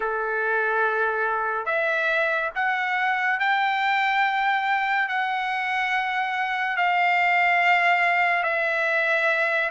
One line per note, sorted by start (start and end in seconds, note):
0.00 1.65 A4
1.65 2.50 E5
2.55 3.39 F#5
3.39 5.08 G5
5.08 6.76 F#5
6.76 8.43 F5
8.43 9.70 E5